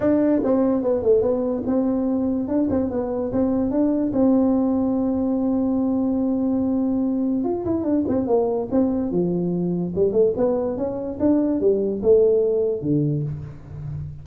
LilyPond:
\new Staff \with { instrumentName = "tuba" } { \time 4/4 \tempo 4 = 145 d'4 c'4 b8 a8 b4 | c'2 d'8 c'8 b4 | c'4 d'4 c'2~ | c'1~ |
c'2 f'8 e'8 d'8 c'8 | ais4 c'4 f2 | g8 a8 b4 cis'4 d'4 | g4 a2 d4 | }